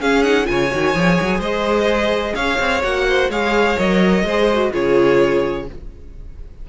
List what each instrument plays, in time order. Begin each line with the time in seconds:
0.00 cello C#4, viola C#4, violin G#4 F5
0.23 viola D#4, violin F#5
0.45 cello C#3, viola F4, violin G#5
0.51 violin C#5
0.71 cello D#3, viola F#4
0.95 cello F3, viola G#4
1.21 cello F#3
1.39 cello G#3, violin C5 D#5
2.35 cello C#4, violin C#5 F5
2.59 cello C4
2.83 cello A#3, viola F#4, violin F#5
3.09 violin C5
3.29 cello G#3, viola G#4, violin C#5 F5
3.78 cello F#3, viola A#4, violin D#5
4.23 cello G#3, viola G#4, violin C5
4.53 viola F#4
4.72 cello C#3, viola F4, violin G#4 C#5